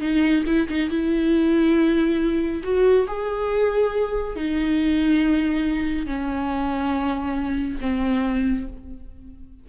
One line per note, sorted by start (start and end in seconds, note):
0.00 0.43 D#4
0.46 0.67 E4
0.68 0.89 D#4
0.89 2.62 E4
2.63 3.06 F#4
3.07 4.35 G#4
4.35 6.06 D#4
6.06 7.78 C#4
7.80 8.66 C4